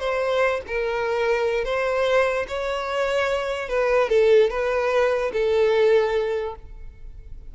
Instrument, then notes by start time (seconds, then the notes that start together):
violin
0.00 C5
0.68 A#4
1.65 C5
2.48 C#5
3.69 B4
4.10 A4
4.50 B4
5.33 A4